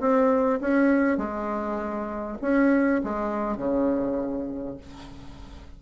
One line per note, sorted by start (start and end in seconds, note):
0.00 0.60 C4
0.61 1.18 C#4
1.18 2.38 G#3
2.41 3.01 C#4
3.04 3.57 G#3
3.57 4.77 C#3